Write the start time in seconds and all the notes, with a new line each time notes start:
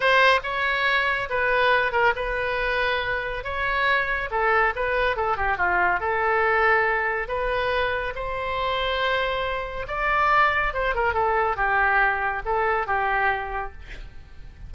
0.00 C5
0.43 C#5
1.29 B4
1.92 A#4
2.15 B4
3.44 C#5
4.31 A4
4.75 B4
5.16 A4
5.36 G4
5.57 F4
6.00 A4
7.28 B4
8.15 C5
9.87 D5
10.73 C5
10.94 A#4
11.13 A4
11.56 G4
12.45 A4
12.86 G4